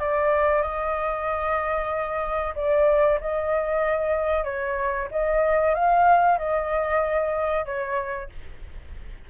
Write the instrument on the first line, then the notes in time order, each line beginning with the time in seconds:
flute
0.00 D5
0.63 D#5
2.56 D5
3.21 D#5
4.45 C#5
5.12 D#5
5.75 F5
6.39 D#5
7.66 C#5